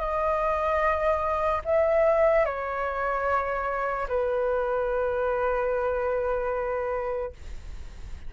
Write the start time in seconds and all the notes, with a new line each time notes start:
0.00 D#5
1.65 E5
2.45 C#5
4.09 B4